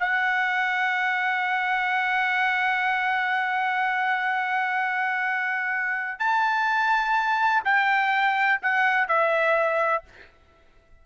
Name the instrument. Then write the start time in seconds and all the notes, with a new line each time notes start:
trumpet
0.00 F#5
6.20 A5
7.65 G5
8.62 F#5
9.09 E5